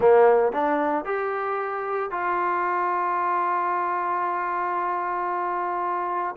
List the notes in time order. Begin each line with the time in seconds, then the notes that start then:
0.00 A#3
0.52 D4
1.04 G4
2.10 F4